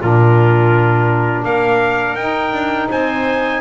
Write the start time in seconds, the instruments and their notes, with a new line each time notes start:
0.00 double bass A#2, saxophone D4, clarinet F4, trumpet A#4
1.44 double bass A#3, clarinet A#4, trumpet F5
2.15 double bass D#4, saxophone D#4, trumpet G5
2.52 double bass D4
2.89 double bass C4, clarinet C5, trumpet G#5